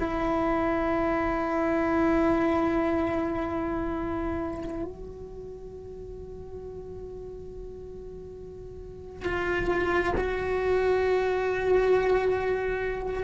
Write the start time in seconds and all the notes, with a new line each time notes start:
0.00 E4
4.85 F#4
9.26 F4
10.18 F#4